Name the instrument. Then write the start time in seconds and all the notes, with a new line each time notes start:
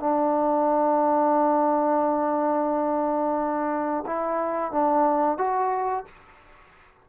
trombone
0.00 D4
4.06 E4
4.72 D4
5.38 F#4